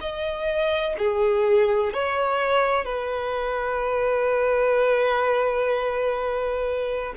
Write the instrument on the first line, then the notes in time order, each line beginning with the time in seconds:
violin
0.00 D#5
0.98 G#4
1.93 C#5
2.85 B4